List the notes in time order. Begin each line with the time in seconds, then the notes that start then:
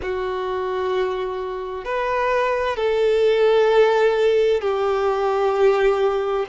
0.02 F#4
1.85 B4
2.76 A4
4.61 G4